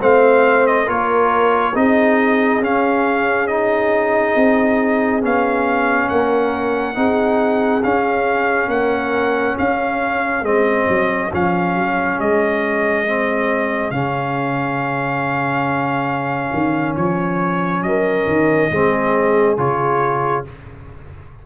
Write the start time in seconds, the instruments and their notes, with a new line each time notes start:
0.00 tuba A3, trombone C4, horn C5, trumpet F5
0.66 trumpet D#5
0.85 tuba A#3, trombone F4, horn A#4, trumpet C#5
1.74 tuba C4, trombone D#4, horn G#4, trumpet D#5
2.59 tuba C#4, trombone C#4, trumpet F5
3.47 trombone D#4, trumpet D#5
4.35 tuba C4
5.21 tuba B3, trombone C#4, trumpet F5
6.08 tuba A#3, horn A#4, trumpet F#5
6.94 tuba C4, trombone D#4, horn G#4
7.83 tuba C#4, trombone C#4, trumpet F5
8.67 tuba A#3, horn A#4, trumpet F#5
9.58 tuba C#4, horn G#4, trumpet F5
10.42 tuba G#3, trombone C4, trumpet D#5
10.88 tuba F#3
11.32 tuba F3, trombone C#4, trumpet F5
11.75 tuba F#3
12.18 tuba G#3, trumpet D#5
13.06 trombone C4
13.90 tuba C#3, trombone C#4, trumpet F5
16.53 tuba D#3
16.95 tuba F3, trumpet C#5
17.82 tuba F#3, horn A#4, trumpet D#5
18.26 tuba D#3
18.70 tuba G#3, trombone C4, horn G#4
19.57 tuba C#3, trombone F4, trumpet C#5